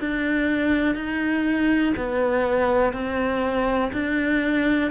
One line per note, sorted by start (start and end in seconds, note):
0.00 0.95 D4
0.95 1.94 D#4
1.97 2.94 B3
2.94 3.92 C4
3.93 4.91 D4